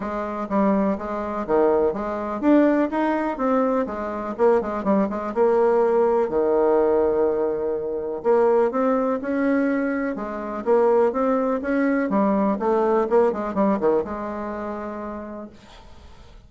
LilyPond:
\new Staff \with { instrumentName = "bassoon" } { \time 4/4 \tempo 4 = 124 gis4 g4 gis4 dis4 | gis4 d'4 dis'4 c'4 | gis4 ais8 gis8 g8 gis8 ais4~ | ais4 dis2.~ |
dis4 ais4 c'4 cis'4~ | cis'4 gis4 ais4 c'4 | cis'4 g4 a4 ais8 gis8 | g8 dis8 gis2. | }